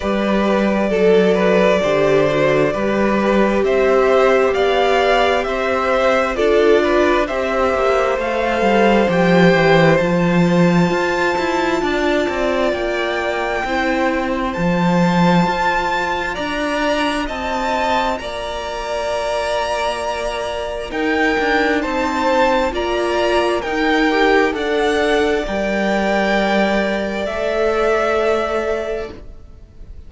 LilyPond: <<
  \new Staff \with { instrumentName = "violin" } { \time 4/4 \tempo 4 = 66 d''1 | e''4 f''4 e''4 d''4 | e''4 f''4 g''4 a''4~ | a''2 g''2 |
a''2 ais''4 a''4 | ais''2. g''4 | a''4 ais''4 g''4 fis''4 | g''2 e''2 | }
  \new Staff \with { instrumentName = "violin" } { \time 4/4 b'4 a'8 b'8 c''4 b'4 | c''4 d''4 c''4 a'8 b'8 | c''1~ | c''4 d''2 c''4~ |
c''2 d''4 dis''4 | d''2. ais'4 | c''4 d''4 ais'4 d''4~ | d''1 | }
  \new Staff \with { instrumentName = "viola" } { \time 4/4 g'4 a'4 g'8 fis'8 g'4~ | g'2. f'4 | g'4 a'4 g'4 f'4~ | f'2. e'4 |
f'1~ | f'2. dis'4~ | dis'4 f'4 dis'8 g'8 a'4 | ais'2 a'2 | }
  \new Staff \with { instrumentName = "cello" } { \time 4/4 g4 fis4 d4 g4 | c'4 b4 c'4 d'4 | c'8 ais8 a8 g8 f8 e8 f4 | f'8 e'8 d'8 c'8 ais4 c'4 |
f4 f'4 d'4 c'4 | ais2. dis'8 d'8 | c'4 ais4 dis'4 d'4 | g2 a2 | }
>>